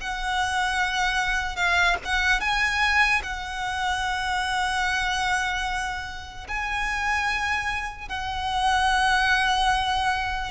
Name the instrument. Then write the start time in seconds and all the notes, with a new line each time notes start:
violin
0.00 F#5
1.56 F5
2.05 F#5
2.40 G#5
3.22 F#5
6.48 G#5
8.09 F#5